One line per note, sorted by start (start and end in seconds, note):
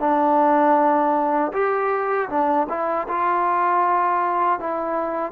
0.00 1.52 D4
1.53 2.29 G4
2.29 2.67 D4
2.69 3.07 E4
3.08 4.59 F4
4.59 5.32 E4